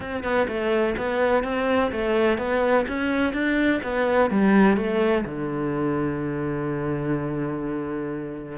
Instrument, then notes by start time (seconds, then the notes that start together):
cello
0.00 C4
0.23 B3
0.48 A3
0.97 B3
1.43 C4
1.91 A3
2.38 B3
2.88 C#4
3.33 D4
3.83 B3
4.30 G3
4.76 A3
5.25 D3